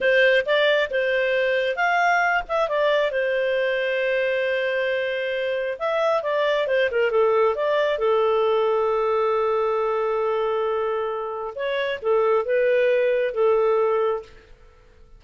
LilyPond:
\new Staff \with { instrumentName = "clarinet" } { \time 4/4 \tempo 4 = 135 c''4 d''4 c''2 | f''4. e''8 d''4 c''4~ | c''1~ | c''4 e''4 d''4 c''8 ais'8 |
a'4 d''4 a'2~ | a'1~ | a'2 cis''4 a'4 | b'2 a'2 | }